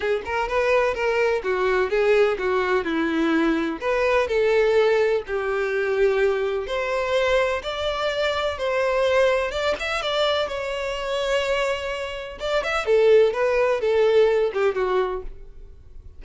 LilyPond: \new Staff \with { instrumentName = "violin" } { \time 4/4 \tempo 4 = 126 gis'8 ais'8 b'4 ais'4 fis'4 | gis'4 fis'4 e'2 | b'4 a'2 g'4~ | g'2 c''2 |
d''2 c''2 | d''8 e''8 d''4 cis''2~ | cis''2 d''8 e''8 a'4 | b'4 a'4. g'8 fis'4 | }